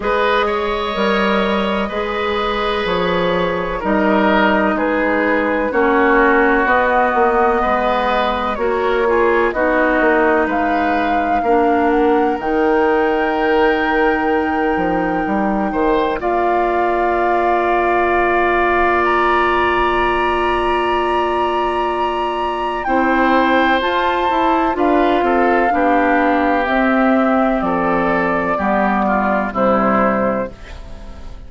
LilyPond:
<<
  \new Staff \with { instrumentName = "flute" } { \time 4/4 \tempo 4 = 63 dis''2. cis''4 | dis''4 b'4 cis''4 dis''4~ | dis''4 cis''4 dis''4 f''4~ | f''8 fis''8 g''2.~ |
g''4 f''2. | ais''1 | g''4 a''4 f''2 | e''4 d''2 c''4 | }
  \new Staff \with { instrumentName = "oboe" } { \time 4/4 b'8 cis''4. b'2 | ais'4 gis'4 fis'2 | b'4 ais'8 gis'8 fis'4 b'4 | ais'1~ |
ais'8 c''8 d''2.~ | d''1 | c''2 b'8 a'8 g'4~ | g'4 a'4 g'8 f'8 e'4 | }
  \new Staff \with { instrumentName = "clarinet" } { \time 4/4 gis'4 ais'4 gis'2 | dis'2 cis'4 b4~ | b4 fis'8 f'8 dis'2 | d'4 dis'2.~ |
dis'4 f'2.~ | f'1 | e'4 f'8 e'8 f'4 d'4 | c'2 b4 g4 | }
  \new Staff \with { instrumentName = "bassoon" } { \time 4/4 gis4 g4 gis4 f4 | g4 gis4 ais4 b8 ais8 | gis4 ais4 b8 ais8 gis4 | ais4 dis2~ dis8 f8 |
g8 dis8 ais2.~ | ais1 | c'4 f'8 e'8 d'8 c'8 b4 | c'4 f4 g4 c4 | }
>>